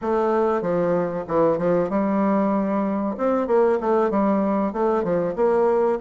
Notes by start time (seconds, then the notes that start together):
0.01 A3
0.61 F3
1.27 E3
1.58 F3
1.89 G3
3.17 C4
3.47 A#3
3.80 A3
4.10 G3
4.73 A3
5.03 F3
5.35 A#3